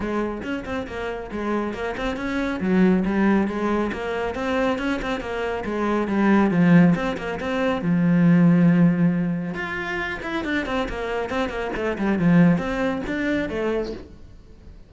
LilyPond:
\new Staff \with { instrumentName = "cello" } { \time 4/4 \tempo 4 = 138 gis4 cis'8 c'8 ais4 gis4 | ais8 c'8 cis'4 fis4 g4 | gis4 ais4 c'4 cis'8 c'8 | ais4 gis4 g4 f4 |
c'8 ais8 c'4 f2~ | f2 f'4. e'8 | d'8 c'8 ais4 c'8 ais8 a8 g8 | f4 c'4 d'4 a4 | }